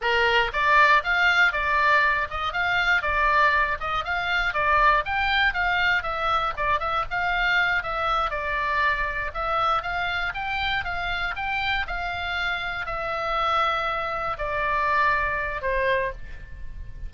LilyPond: \new Staff \with { instrumentName = "oboe" } { \time 4/4 \tempo 4 = 119 ais'4 d''4 f''4 d''4~ | d''8 dis''8 f''4 d''4. dis''8 | f''4 d''4 g''4 f''4 | e''4 d''8 e''8 f''4. e''8~ |
e''8 d''2 e''4 f''8~ | f''8 g''4 f''4 g''4 f''8~ | f''4. e''2~ e''8~ | e''8 d''2~ d''8 c''4 | }